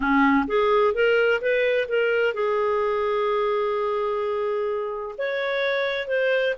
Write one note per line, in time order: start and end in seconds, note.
0.00 0.45 C#4
0.47 0.94 G#4
0.94 1.41 A#4
1.41 1.88 B4
1.88 2.34 A#4
2.34 5.15 G#4
5.18 6.07 C#5
6.07 6.54 C5